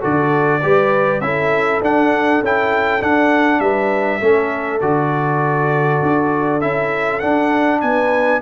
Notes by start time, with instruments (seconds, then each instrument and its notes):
0.00 tuba D3, trombone F#4, horn A4, trumpet D5
0.62 tuba G3, trombone G4, horn B4
1.20 tuba C#4, trombone E4, horn A4, trumpet E5
1.81 tuba D4, trombone D4, trumpet F#5
2.41 tuba C#4, trombone E4, trumpet G5
3.00 trombone D4, tuba D4, trumpet F#5
3.59 tuba G3, horn B4, trumpet E5
4.19 tuba A3, trombone C#4, horn A4
4.80 tuba D3, trombone F#4, trumpet D5
6.02 tuba D4
6.60 tuba C#4, trombone E4, trumpet E5
7.19 trombone D4, tuba D4, trumpet F#5
7.81 tuba B3, horn B4, trumpet G#5